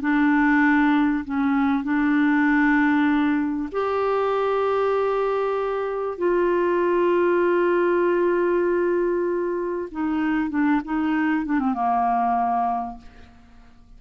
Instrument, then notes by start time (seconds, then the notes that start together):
clarinet
0.00 D4
1.24 C#4
1.83 D4
3.71 G4
6.17 F4
9.91 D#4
10.50 D4
10.84 D#4
11.45 D4
11.59 C4
11.73 A#3